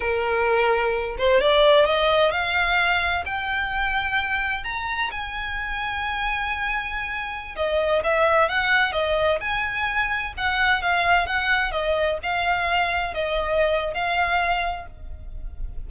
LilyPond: \new Staff \with { instrumentName = "violin" } { \time 4/4 \tempo 4 = 129 ais'2~ ais'8 c''8 d''4 | dis''4 f''2 g''4~ | g''2 ais''4 gis''4~ | gis''1~ |
gis''16 dis''4 e''4 fis''4 dis''8.~ | dis''16 gis''2 fis''4 f''8.~ | f''16 fis''4 dis''4 f''4.~ f''16~ | f''16 dis''4.~ dis''16 f''2 | }